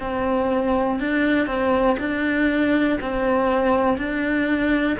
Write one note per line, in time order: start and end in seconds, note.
0.00 1.00 C4
1.00 1.47 D4
1.47 1.97 C4
1.99 2.99 D4
3.01 3.98 C4
3.98 4.98 D4